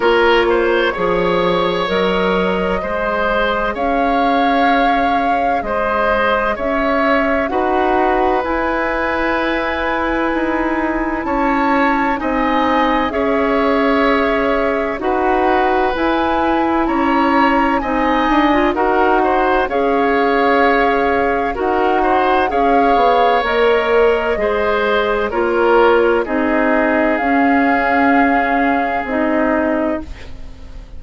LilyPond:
<<
  \new Staff \with { instrumentName = "flute" } { \time 4/4 \tempo 4 = 64 cis''2 dis''2 | f''2 dis''4 e''4 | fis''4 gis''2. | a''4 gis''4 e''2 |
fis''4 gis''4 ais''4 gis''4 | fis''4 f''2 fis''4 | f''4 dis''2 cis''4 | dis''4 f''2 dis''4 | }
  \new Staff \with { instrumentName = "oboe" } { \time 4/4 ais'8 c''8 cis''2 c''4 | cis''2 c''4 cis''4 | b'1 | cis''4 dis''4 cis''2 |
b'2 cis''4 dis''4 | ais'8 c''8 cis''2 ais'8 c''8 | cis''2 c''4 ais'4 | gis'1 | }
  \new Staff \with { instrumentName = "clarinet" } { \time 4/4 f'4 gis'4 ais'4 gis'4~ | gis'1 | fis'4 e'2.~ | e'4 dis'4 gis'2 |
fis'4 e'2 dis'8. f'16 | fis'4 gis'2 fis'4 | gis'4 ais'4 gis'4 f'4 | dis'4 cis'2 dis'4 | }
  \new Staff \with { instrumentName = "bassoon" } { \time 4/4 ais4 f4 fis4 gis4 | cis'2 gis4 cis'4 | dis'4 e'2 dis'4 | cis'4 c'4 cis'2 |
dis'4 e'4 cis'4 c'8 d'8 | dis'4 cis'2 dis'4 | cis'8 b8 ais4 gis4 ais4 | c'4 cis'2 c'4 | }
>>